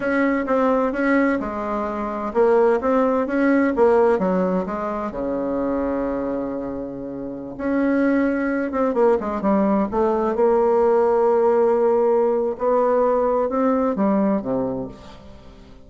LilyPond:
\new Staff \with { instrumentName = "bassoon" } { \time 4/4 \tempo 4 = 129 cis'4 c'4 cis'4 gis4~ | gis4 ais4 c'4 cis'4 | ais4 fis4 gis4 cis4~ | cis1~ |
cis16 cis'2~ cis'8 c'8 ais8 gis16~ | gis16 g4 a4 ais4.~ ais16~ | ais2. b4~ | b4 c'4 g4 c4 | }